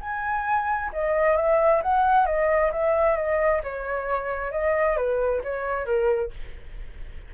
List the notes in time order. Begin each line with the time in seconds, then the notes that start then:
0.00 G#5
0.92 D#5
1.36 E5
1.82 F#5
2.26 D#5
2.72 E5
3.16 D#5
3.63 C#5
4.51 D#5
4.96 B4
5.43 C#5
5.85 A#4